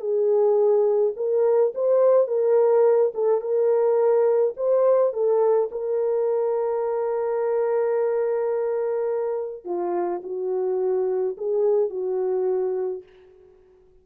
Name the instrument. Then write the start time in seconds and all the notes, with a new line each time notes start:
horn
0.00 G#4
1.16 A#4
1.75 C5
2.27 A#4
3.14 A4
3.41 A#4
4.57 C5
5.13 A4
5.71 A#4
9.65 F4
10.23 F#4
11.37 G#4
11.90 F#4